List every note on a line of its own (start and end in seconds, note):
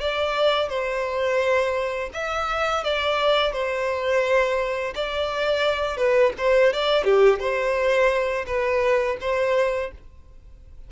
0.00 0.68 D5
0.68 2.10 C5
2.13 2.83 E5
2.83 3.53 D5
3.53 4.94 C5
4.95 5.97 D5
5.97 6.32 B4
6.38 6.73 C5
6.73 7.04 D5
7.04 7.39 G4
7.39 8.45 C5
8.46 9.17 B4
9.21 9.91 C5